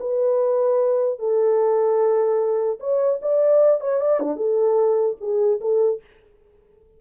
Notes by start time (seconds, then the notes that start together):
0.00 B4
1.19 A4
2.80 C#5
3.22 D5
3.81 C#5
4.01 D5
4.20 D4
4.37 A4
5.21 G#4
5.61 A4